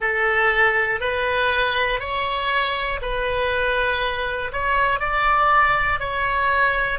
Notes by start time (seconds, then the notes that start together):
0.00 A4
1.00 B4
2.00 C#5
3.01 B4
4.52 C#5
5.00 D5
6.00 C#5